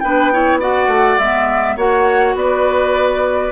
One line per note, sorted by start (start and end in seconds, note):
0.00 0.87 B3
0.00 0.33 D4
0.00 0.33 B4
0.00 0.58 G5
0.33 0.61 E4
0.33 0.60 C#5
0.60 1.19 F#4
0.60 1.76 D5
0.60 1.19 F#5
0.87 1.17 A3
1.19 1.77 G#3
1.19 1.78 B3
1.19 1.77 E5
1.77 2.35 A#3
1.77 3.52 F#4
1.77 2.35 C#5
1.77 2.37 F#5
2.35 3.51 B3
2.35 3.52 B4
2.35 3.52 D5